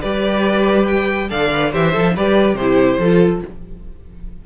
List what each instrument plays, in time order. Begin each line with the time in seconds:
0.00 cello G3, viola G4, violin B4 D5
0.87 violin G5
1.30 cello D3, viola A4, violin D5 F5
1.53 viola B4
1.72 cello E3, violin G4 E5, viola C5
1.92 cello F3, violin A4
2.15 cello G3, viola G4, violin B4 D5
2.54 cello C3, violin G4 C5
2.60 viola E4
2.99 cello F3, viola F4, violin A4